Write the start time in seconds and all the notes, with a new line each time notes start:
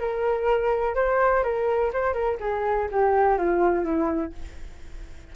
0.00 A#4
0.95 C5
1.44 A#4
1.93 C5
2.14 A#4
2.40 G#4
2.92 G4
3.38 F4
3.84 E4